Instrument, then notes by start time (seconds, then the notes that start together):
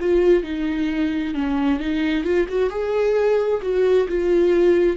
viola
0.00 F4
0.43 D#4
1.34 C#4
1.79 D#4
2.24 F4
2.48 F#4
2.70 G#4
3.62 F#4
4.08 F4